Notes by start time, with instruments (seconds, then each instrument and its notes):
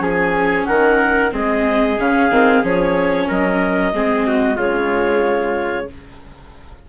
0.00 bassoon F3, viola C#4, trumpet G#4, clarinet G#5
0.66 bassoon D#3, trumpet A#4, clarinet F#5
1.32 bassoon G#3, viola C4, trumpet G#4, clarinet D#5
1.99 bassoon C#3, viola C#4, clarinet F5
2.31 bassoon D#3, viola C4
2.63 bassoon F3, viola C#4, clarinet C#5
3.27 bassoon F#3, trumpet A#4, clarinet D#5
3.93 bassoon G#3, viola C4, trumpet G#4
4.27 trumpet F#4
4.56 bassoon C#3, viola G#3, trumpet F4, clarinet C#5